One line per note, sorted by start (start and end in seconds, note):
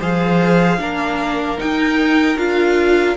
0.00 0.79 F3
0.00 0.79 G#4
0.00 0.79 C5
0.00 1.59 F5
0.79 1.58 A#3
0.79 1.58 D4
0.79 3.17 A#4
1.58 2.37 D#4
1.58 2.36 D#4
1.58 2.38 G5
2.36 3.15 D4
2.36 3.16 F4
2.36 3.17 F5